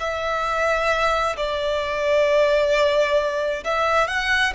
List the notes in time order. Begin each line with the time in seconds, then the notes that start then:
0.00 E5
1.37 D5
3.64 E5
4.07 F#5